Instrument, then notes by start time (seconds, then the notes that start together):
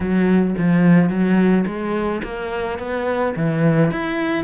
cello
0.00 F#3
0.58 F3
1.09 F#3
1.66 G#3
2.23 A#3
2.79 B3
3.36 E3
3.91 E4